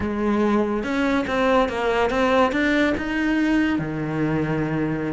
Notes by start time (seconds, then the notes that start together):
0.00 G#3
0.83 C#4
1.27 C4
1.68 A#3
2.10 C4
2.52 D4
2.97 D#4
3.78 D#3